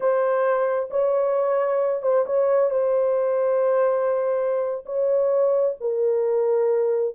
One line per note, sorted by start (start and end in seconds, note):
0.00 0.89 C5
0.90 2.02 C#5
2.02 2.25 C5
2.26 2.70 C#5
2.70 4.84 C5
4.85 5.75 C#5
5.80 7.15 A#4